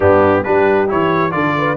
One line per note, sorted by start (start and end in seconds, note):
0.00 0.45 G2
0.00 0.44 B3
0.00 0.43 D4
0.00 0.43 G4
0.43 0.92 G3
0.43 0.88 D4
0.43 1.34 G4
0.43 0.88 B4
0.88 1.33 E3
0.88 1.31 E4
0.88 1.31 C#5
1.31 1.76 D3
1.31 1.76 F4
1.31 1.56 A4
1.31 1.76 D5
1.58 1.76 B4